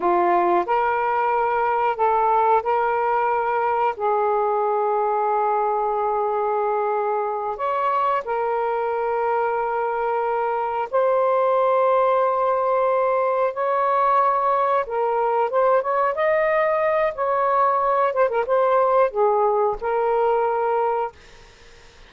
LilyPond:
\new Staff \with { instrumentName = "saxophone" } { \time 4/4 \tempo 4 = 91 f'4 ais'2 a'4 | ais'2 gis'2~ | gis'2.~ gis'8 cis''8~ | cis''8 ais'2.~ ais'8~ |
ais'8 c''2.~ c''8~ | c''8 cis''2 ais'4 c''8 | cis''8 dis''4. cis''4. c''16 ais'16 | c''4 gis'4 ais'2 | }